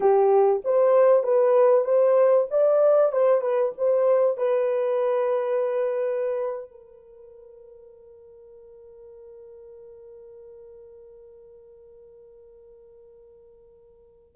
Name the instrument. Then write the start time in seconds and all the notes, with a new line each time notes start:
horn
0.00 G4
0.64 C5
1.23 B4
1.84 C5
2.50 D5
3.12 C5
3.41 B4
3.77 C5
4.37 B4
6.70 A#4